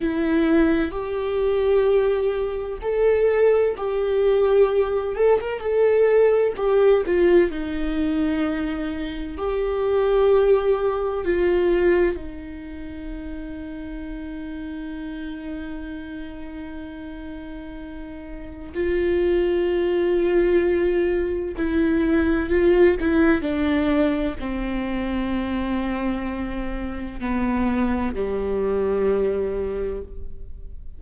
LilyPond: \new Staff \with { instrumentName = "viola" } { \time 4/4 \tempo 4 = 64 e'4 g'2 a'4 | g'4. a'16 ais'16 a'4 g'8 f'8 | dis'2 g'2 | f'4 dis'2.~ |
dis'1 | f'2. e'4 | f'8 e'8 d'4 c'2~ | c'4 b4 g2 | }